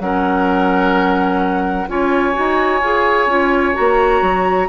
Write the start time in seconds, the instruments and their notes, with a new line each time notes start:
0.00 bassoon F#3, clarinet C#4, oboe A#4, flute F#5
1.88 bassoon C#4, clarinet F4, oboe C#5, flute G#5
2.33 bassoon D#4, clarinet F#4
2.81 bassoon F4, clarinet G#4
3.27 bassoon C#4, clarinet F4
3.74 bassoon A#3, clarinet F#4, flute A#5
4.22 bassoon F#3